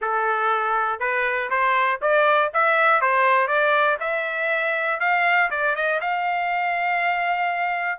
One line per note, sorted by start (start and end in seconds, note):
0.01 0.99 A4
0.99 1.49 B4
1.50 2.00 C5
2.01 2.51 D5
2.53 3.01 E5
3.01 3.47 C5
3.47 3.97 D5
4.00 5.00 E5
5.00 5.50 F5
5.50 5.75 D5
5.75 6.00 D#5
6.00 7.99 F5